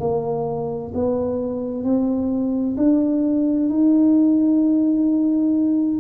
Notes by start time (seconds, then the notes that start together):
0.00 A#3
0.94 B3
1.84 C4
2.77 D4
3.70 D#4